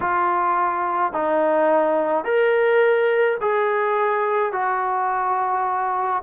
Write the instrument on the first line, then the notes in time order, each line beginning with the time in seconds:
trombone
0.00 F4
1.12 D#4
2.24 A#4
3.41 G#4
4.52 F#4